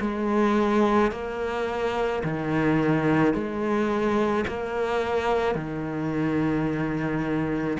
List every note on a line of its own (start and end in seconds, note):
0.00 1.11 G#3
1.11 2.22 A#3
2.23 3.33 D#3
3.33 4.44 G#3
4.47 5.55 A#3
5.55 7.77 D#3